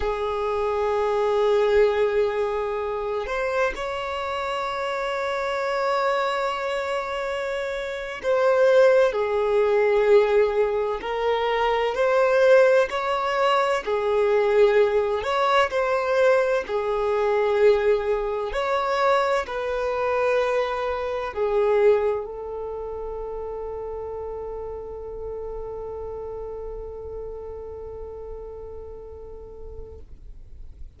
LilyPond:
\new Staff \with { instrumentName = "violin" } { \time 4/4 \tempo 4 = 64 gis'2.~ gis'8 c''8 | cis''1~ | cis''8. c''4 gis'2 ais'16~ | ais'8. c''4 cis''4 gis'4~ gis'16~ |
gis'16 cis''8 c''4 gis'2 cis''16~ | cis''8. b'2 gis'4 a'16~ | a'1~ | a'1 | }